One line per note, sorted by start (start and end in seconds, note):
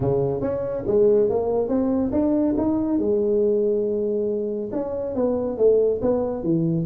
0.00 0.41 C#3
0.41 0.84 C#4
0.86 1.29 G#3
1.29 1.68 A#3
1.68 2.11 C4
2.12 2.55 D4
2.57 2.99 D#4
2.99 4.70 G#3
4.72 5.15 C#4
5.15 5.57 B3
5.57 6.00 A3
6.01 6.43 B3
6.43 6.85 E3